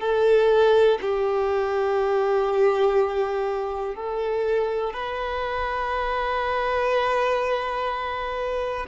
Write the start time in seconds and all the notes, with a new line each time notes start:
0.00 A4
1.01 G4
3.95 A4
4.93 B4